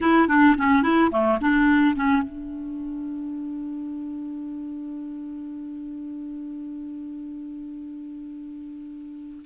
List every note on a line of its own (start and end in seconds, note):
0.00 0.28 E4
0.28 0.55 D4
0.57 0.83 C#4
0.83 1.10 E4
1.11 1.39 A3
1.40 1.95 D4
1.95 2.22 C#4
2.22 9.44 D4